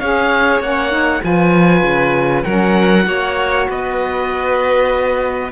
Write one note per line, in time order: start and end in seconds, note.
0.00 0.60 C#4
0.00 0.63 G#4
0.00 1.23 C#5
0.00 0.61 F5
0.60 1.21 A#3
0.60 0.91 C#4
0.60 1.23 F#5
0.91 1.21 D#4
1.21 1.83 F3
1.21 2.44 F4
1.21 2.45 B4
1.21 2.44 G#5
1.83 2.44 C#3
2.44 3.07 F#3
2.44 3.04 C#4
2.44 3.06 A#4
2.44 3.66 F#5
3.04 3.68 A#3
3.04 5.49 F#4
3.04 3.69 C#5
3.69 5.52 B3
3.69 5.52 B4
3.69 5.52 D#5